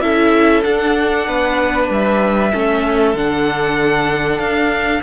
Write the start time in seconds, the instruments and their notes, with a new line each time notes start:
0.00 cello C#4, viola E4, violin A4 E5
0.62 viola D4, cello D4, violin F#5
1.27 cello B3, violin B4
1.89 cello G3, violin E5
2.51 cello A3, viola C#4, violin A4
3.14 cello D3, viola D4, violin F#5
4.38 cello D4, violin F5